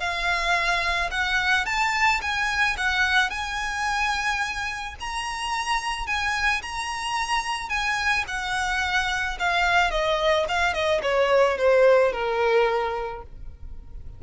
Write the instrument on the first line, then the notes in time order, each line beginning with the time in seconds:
violin
0.00 F5
1.11 F#5
1.66 A5
2.21 G#5
2.77 F#5
3.30 G#5
5.00 A#5
6.07 G#5
6.62 A#5
7.69 G#5
8.28 F#5
9.39 F5
9.91 D#5
10.48 F5
10.73 D#5
11.02 C#5
11.57 C5
12.12 A#4